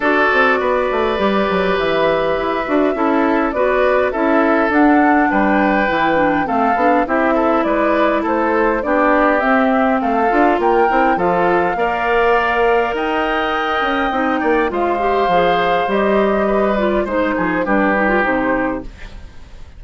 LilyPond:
<<
  \new Staff \with { instrumentName = "flute" } { \time 4/4 \tempo 4 = 102 d''2. e''4~ | e''2 d''4 e''4 | fis''4 g''2 f''4 | e''4 d''4 c''4 d''4 |
e''4 f''4 g''4 f''4~ | f''2 g''2~ | g''4 f''2 dis''4~ | dis''8 d''8 c''4 b'4 c''4 | }
  \new Staff \with { instrumentName = "oboe" } { \time 4/4 a'4 b'2.~ | b'4 a'4 b'4 a'4~ | a'4 b'2 a'4 | g'8 a'8 b'4 a'4 g'4~ |
g'4 a'4 ais'4 a'4 | d''2 dis''2~ | dis''8 d''8 c''2. | b'4 c''8 gis'8 g'2 | }
  \new Staff \with { instrumentName = "clarinet" } { \time 4/4 fis'2 g'2~ | g'8 fis'8 e'4 fis'4 e'4 | d'2 e'8 d'8 c'8 d'8 | e'2. d'4 |
c'4. f'4 e'8 f'4 | ais'1 | dis'4 f'8 g'8 gis'4 g'4~ | g'8 f'8 dis'4 d'8 dis'16 f'16 dis'4 | }
  \new Staff \with { instrumentName = "bassoon" } { \time 4/4 d'8 c'8 b8 a8 g8 fis8 e4 | e'8 d'8 cis'4 b4 cis'4 | d'4 g4 e4 a8 b8 | c'4 gis4 a4 b4 |
c'4 a8 d'8 ais8 c'8 f4 | ais2 dis'4. cis'8 | c'8 ais8 gis4 f4 g4~ | g4 gis8 f8 g4 c4 | }
>>